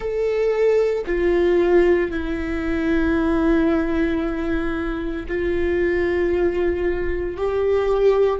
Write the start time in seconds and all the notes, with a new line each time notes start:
0.00 A4
1.06 F4
2.11 E4
5.27 F4
7.37 G4